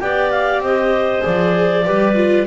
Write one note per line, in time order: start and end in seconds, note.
0.00 0.60 B3
0.00 1.22 G4
0.00 0.64 D5
0.00 0.31 G5
0.31 0.62 F5
0.60 1.21 C4
0.60 1.85 C5
0.60 1.25 D#5
1.22 1.87 F3
1.22 1.83 G#4
1.22 2.47 D5
1.85 2.47 G3
1.85 2.15 G4
1.85 2.47 B4
2.15 2.46 F4